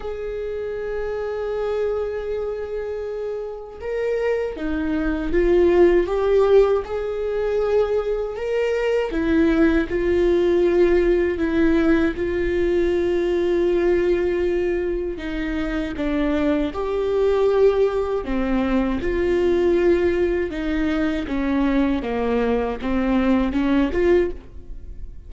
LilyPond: \new Staff \with { instrumentName = "viola" } { \time 4/4 \tempo 4 = 79 gis'1~ | gis'4 ais'4 dis'4 f'4 | g'4 gis'2 ais'4 | e'4 f'2 e'4 |
f'1 | dis'4 d'4 g'2 | c'4 f'2 dis'4 | cis'4 ais4 c'4 cis'8 f'8 | }